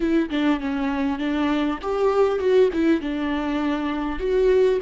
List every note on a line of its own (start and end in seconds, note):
0.00 0.29 E4
0.30 0.60 D4
0.60 1.18 C#4
1.18 1.78 D4
1.82 2.39 G4
2.39 2.69 F#4
2.73 3.00 E4
3.00 4.19 D4
4.19 4.79 F#4